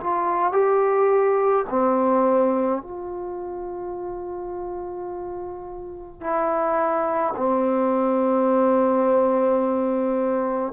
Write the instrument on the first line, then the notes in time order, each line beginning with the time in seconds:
trombone
0.00 F4
0.52 G4
1.69 C4
2.82 F4
6.21 E4
7.36 C4